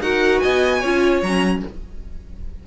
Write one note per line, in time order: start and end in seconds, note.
0.00 0.41 D#4
0.00 0.84 F#4
0.00 0.43 A#4
0.00 0.40 F#5
0.40 0.83 B3
0.40 0.80 D#5
0.40 1.21 G#5
0.80 1.22 C#4
0.80 1.25 F4
0.80 1.61 C#5
1.22 1.63 F#3
1.22 1.67 C#4
1.22 1.63 A#5